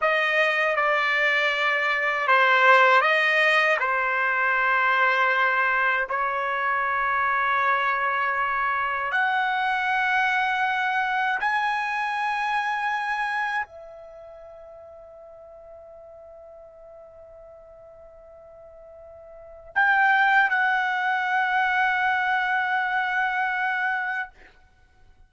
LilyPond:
\new Staff \with { instrumentName = "trumpet" } { \time 4/4 \tempo 4 = 79 dis''4 d''2 c''4 | dis''4 c''2. | cis''1 | fis''2. gis''4~ |
gis''2 e''2~ | e''1~ | e''2 g''4 fis''4~ | fis''1 | }